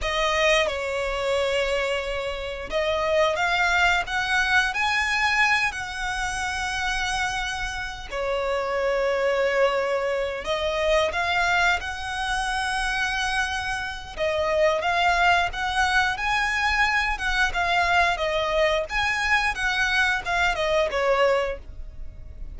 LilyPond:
\new Staff \with { instrumentName = "violin" } { \time 4/4 \tempo 4 = 89 dis''4 cis''2. | dis''4 f''4 fis''4 gis''4~ | gis''8 fis''2.~ fis''8 | cis''2.~ cis''8 dis''8~ |
dis''8 f''4 fis''2~ fis''8~ | fis''4 dis''4 f''4 fis''4 | gis''4. fis''8 f''4 dis''4 | gis''4 fis''4 f''8 dis''8 cis''4 | }